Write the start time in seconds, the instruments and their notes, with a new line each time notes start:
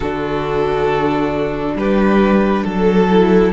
0.00 cello D3, viola D4, violin F#4 A4
1.75 cello G3, violin G4 B4
2.64 cello F#3, violin A4
3.09 viola E4